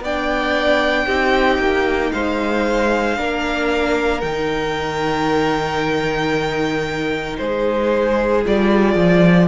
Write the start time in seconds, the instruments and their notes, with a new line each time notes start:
0.00 cello B3, viola D4, violin D5 G5
1.06 cello C4, viola D#4, violin G4
1.58 cello A#3
2.12 cello G#3, violin C5 F5
3.16 cello A#3, viola D4, violin A#4
4.20 cello D#3, viola D#4, violin G5
7.37 cello G#3, violin G#4 C5
8.44 cello G3, viola F4, violin D5
8.95 cello F3